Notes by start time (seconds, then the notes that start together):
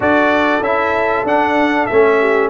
0.00 D4 F#4 A4 D5
0.59 C#4 E4 E5
1.23 D4 F#5
1.86 A3 C#4 E5
2.19 G4